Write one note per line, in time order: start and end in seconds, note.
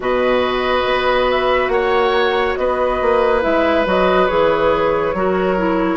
0.00 0.82 B2
0.00 3.42 F#4
0.00 1.72 B4
0.00 1.30 D#5
0.85 1.68 B3
1.30 1.68 E5
1.68 2.54 A#3
1.68 2.58 C#5
1.68 2.54 F#5
2.55 3.00 B3
2.55 5.16 B4
2.55 3.41 D#5
3.01 3.44 A#3
3.42 3.86 G#3
3.42 3.85 E4
3.42 3.85 E5
3.85 4.28 F#3
3.85 4.27 F#4
3.85 4.27 D#5
4.27 5.13 E3
4.27 5.13 G#4
4.27 5.96 C#5
5.13 5.96 F#3
5.13 5.57 F#4
5.13 5.96 A#4
5.57 5.96 E4